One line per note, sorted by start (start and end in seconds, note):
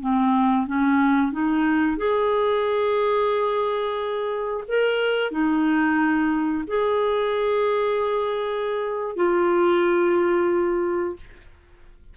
0.00 0.67 C4
0.67 1.32 C#4
1.32 1.97 D#4
1.97 4.64 G#4
4.68 5.31 A#4
5.31 6.64 D#4
6.67 9.16 G#4
9.16 11.16 F4